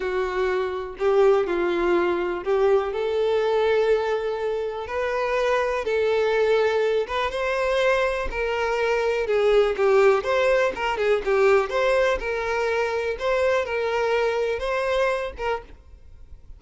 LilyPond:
\new Staff \with { instrumentName = "violin" } { \time 4/4 \tempo 4 = 123 fis'2 g'4 f'4~ | f'4 g'4 a'2~ | a'2 b'2 | a'2~ a'8 b'8 c''4~ |
c''4 ais'2 gis'4 | g'4 c''4 ais'8 gis'8 g'4 | c''4 ais'2 c''4 | ais'2 c''4. ais'8 | }